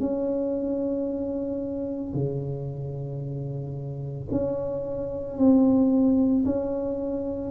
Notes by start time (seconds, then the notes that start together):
0.00 C#4
2.14 C#3
4.31 C#4
5.38 C4
6.45 C#4